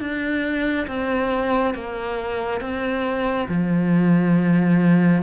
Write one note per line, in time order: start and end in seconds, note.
0.00 0.87 D4
0.87 1.74 C4
1.75 2.61 A#3
2.61 3.48 C4
3.49 5.23 F3